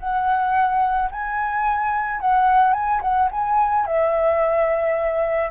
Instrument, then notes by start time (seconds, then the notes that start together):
flute
0.00 F#5
1.12 G#5
2.21 F#5
2.74 G#5
3.02 F#5
3.32 G#5
3.87 E5